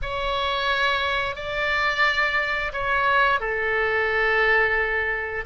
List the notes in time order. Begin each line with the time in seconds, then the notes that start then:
0.02 C#5
1.35 D5
2.72 C#5
3.40 A4